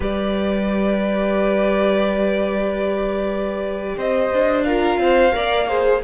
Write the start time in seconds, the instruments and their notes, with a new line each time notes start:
0.00 cello G3, viola G4, violin B4 D5
3.97 cello C4, violin C5 D#5
4.33 cello D4
4.63 viola F4, violin A#4 F5
4.97 cello C4, violin C5
5.32 cello A#3, viola A#4, violin D5
5.67 viola G#4, violin C5